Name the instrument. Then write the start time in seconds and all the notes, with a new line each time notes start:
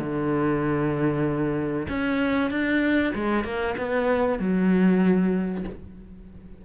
cello
0.00 D3
1.90 C#4
2.51 D4
3.15 G#3
3.45 A#3
3.78 B3
4.39 F#3